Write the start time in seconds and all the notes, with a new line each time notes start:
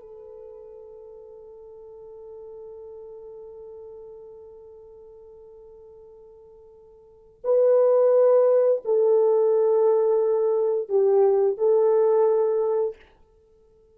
0.00 A4
7.44 B4
8.85 A4
10.89 G4
11.57 A4